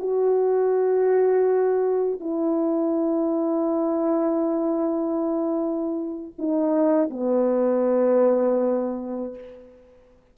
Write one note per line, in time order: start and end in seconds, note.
0.00 2.21 F#4
2.21 6.33 E4
6.39 7.10 D#4
7.10 9.35 B3